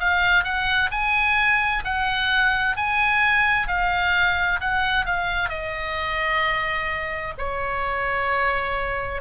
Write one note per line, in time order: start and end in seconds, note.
0.00 0.44 F5
0.44 0.91 F#5
0.92 1.84 G#5
1.85 2.77 F#5
2.77 3.68 G#5
3.68 4.60 F5
4.61 5.06 F#5
5.06 5.50 F5
5.50 7.35 D#5
7.38 9.22 C#5